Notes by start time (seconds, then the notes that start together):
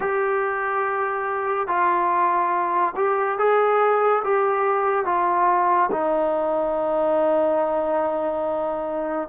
0.00 G4
1.67 F4
2.96 G4
3.38 G#4
4.24 G4
5.05 F4
5.91 D#4